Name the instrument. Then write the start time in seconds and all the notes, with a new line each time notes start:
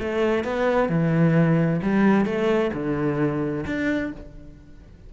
cello
0.00 A3
0.45 B3
0.90 E3
1.83 G3
2.26 A3
2.74 D3
3.67 D4